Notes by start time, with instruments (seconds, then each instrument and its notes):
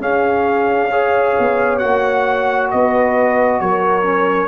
0.00 trombone C#4, tuba C#4, horn G#4, trumpet F5
0.91 trombone G#4, horn C#5
1.38 tuba B3
1.79 tuba A#3, trombone F#4, trumpet F#5
2.71 tuba B3, horn B4, trumpet D#5
3.60 tuba F#3, horn A#4, trumpet C#5
4.03 trombone C#4